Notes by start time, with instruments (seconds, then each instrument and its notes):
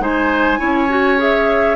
0.00 bassoon G#3, clarinet D#4, oboe C5, flute G#5
0.58 bassoon C#4, clarinet E4, oboe C#5
0.89 clarinet F#4
1.18 clarinet G#4, flute E5